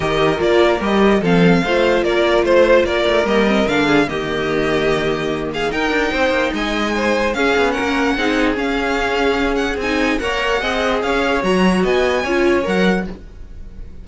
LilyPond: <<
  \new Staff \with { instrumentName = "violin" } { \time 4/4 \tempo 4 = 147 dis''4 d''4 dis''4 f''4~ | f''4 d''4 c''4 d''4 | dis''4 f''4 dis''2~ | dis''4. f''8 g''2 |
gis''2 f''4 fis''4~ | fis''4 f''2~ f''8 fis''8 | gis''4 fis''2 f''4 | ais''4 gis''2 fis''4 | }
  \new Staff \with { instrumentName = "violin" } { \time 4/4 ais'2. a'4 | c''4 ais'4 c''4 ais'4~ | ais'4. gis'8 g'2~ | g'4. gis'8 ais'4 c''4 |
dis''4 c''4 gis'4 ais'4 | gis'1~ | gis'4 cis''4 dis''4 cis''4~ | cis''4 dis''4 cis''2 | }
  \new Staff \with { instrumentName = "viola" } { \time 4/4 g'4 f'4 g'4 c'4 | f'1 | ais8 c'8 d'4 ais2~ | ais2 dis'2~ |
dis'2 cis'2 | dis'4 cis'2. | dis'4 ais'4 gis'2 | fis'2 f'4 ais'4 | }
  \new Staff \with { instrumentName = "cello" } { \time 4/4 dis4 ais4 g4 f4 | a4 ais4 a4 ais8 a8 | g4 d4 dis2~ | dis2 dis'8 d'8 c'8 ais8 |
gis2 cis'8 b8 ais4 | c'4 cis'2. | c'4 ais4 c'4 cis'4 | fis4 b4 cis'4 fis4 | }
>>